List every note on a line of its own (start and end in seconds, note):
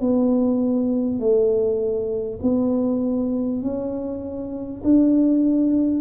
0.00 1.19 B3
1.19 2.39 A3
2.42 3.62 B3
3.62 4.82 C#4
4.83 6.01 D4